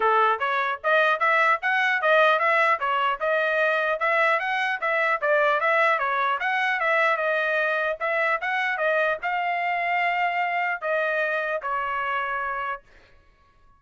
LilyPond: \new Staff \with { instrumentName = "trumpet" } { \time 4/4 \tempo 4 = 150 a'4 cis''4 dis''4 e''4 | fis''4 dis''4 e''4 cis''4 | dis''2 e''4 fis''4 | e''4 d''4 e''4 cis''4 |
fis''4 e''4 dis''2 | e''4 fis''4 dis''4 f''4~ | f''2. dis''4~ | dis''4 cis''2. | }